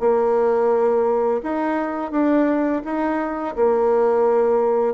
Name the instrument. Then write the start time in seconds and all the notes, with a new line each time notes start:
bassoon
0.00 A#3
1.43 D#4
2.11 D4
2.85 D#4
3.56 A#3